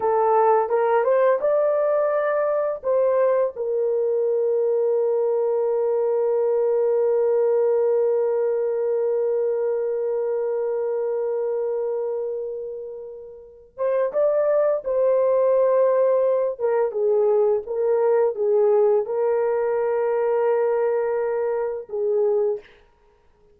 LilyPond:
\new Staff \with { instrumentName = "horn" } { \time 4/4 \tempo 4 = 85 a'4 ais'8 c''8 d''2 | c''4 ais'2.~ | ais'1~ | ais'1~ |
ais'2.~ ais'8 c''8 | d''4 c''2~ c''8 ais'8 | gis'4 ais'4 gis'4 ais'4~ | ais'2. gis'4 | }